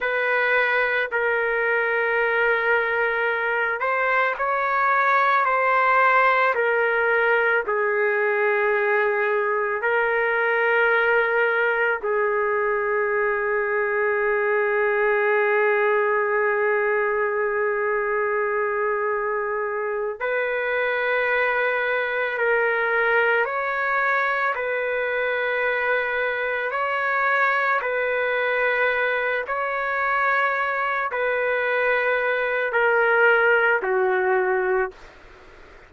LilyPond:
\new Staff \with { instrumentName = "trumpet" } { \time 4/4 \tempo 4 = 55 b'4 ais'2~ ais'8 c''8 | cis''4 c''4 ais'4 gis'4~ | gis'4 ais'2 gis'4~ | gis'1~ |
gis'2~ gis'8 b'4.~ | b'8 ais'4 cis''4 b'4.~ | b'8 cis''4 b'4. cis''4~ | cis''8 b'4. ais'4 fis'4 | }